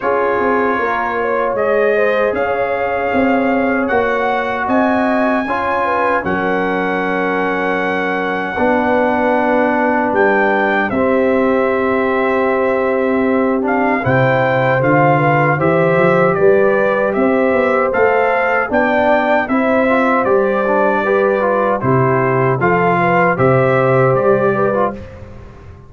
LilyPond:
<<
  \new Staff \with { instrumentName = "trumpet" } { \time 4/4 \tempo 4 = 77 cis''2 dis''4 f''4~ | f''4 fis''4 gis''2 | fis''1~ | fis''4 g''4 e''2~ |
e''4. f''8 g''4 f''4 | e''4 d''4 e''4 f''4 | g''4 e''4 d''2 | c''4 f''4 e''4 d''4 | }
  \new Staff \with { instrumentName = "horn" } { \time 4/4 gis'4 ais'8 cis''4 c''8 cis''4~ | cis''2 dis''4 cis''8 b'8 | ais'2. b'4~ | b'2 g'2~ |
g'2 c''4. b'8 | c''4 b'4 c''2 | d''4 c''2 b'4 | g'4 a'8 b'8 c''4. b'8 | }
  \new Staff \with { instrumentName = "trombone" } { \time 4/4 f'2 gis'2~ | gis'4 fis'2 f'4 | cis'2. d'4~ | d'2 c'2~ |
c'4. d'8 e'4 f'4 | g'2. a'4 | d'4 e'8 f'8 g'8 d'8 g'8 f'8 | e'4 f'4 g'4.~ g'16 f'16 | }
  \new Staff \with { instrumentName = "tuba" } { \time 4/4 cis'8 c'8 ais4 gis4 cis'4 | c'4 ais4 c'4 cis'4 | fis2. b4~ | b4 g4 c'2~ |
c'2 c4 d4 | e8 f8 g4 c'8 b8 a4 | b4 c'4 g2 | c4 f4 c4 g4 | }
>>